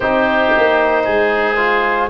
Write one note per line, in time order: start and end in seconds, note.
0.00 0.52 C4
0.00 1.56 D#4
0.00 1.03 G4
0.00 2.09 C5
0.57 1.06 A#3
1.04 2.09 G#3
1.04 2.09 G#4
1.56 2.09 F4